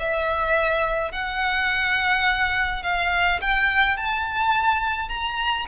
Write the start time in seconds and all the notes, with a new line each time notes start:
0.00 E5
1.12 F#5
2.83 F5
3.42 G5
3.97 A5
5.09 A#5